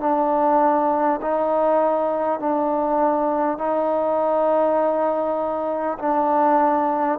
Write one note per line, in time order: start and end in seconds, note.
0.00 1.20 D4
1.21 2.39 D#4
2.39 3.58 D4
3.58 5.98 D#4
5.98 7.18 D4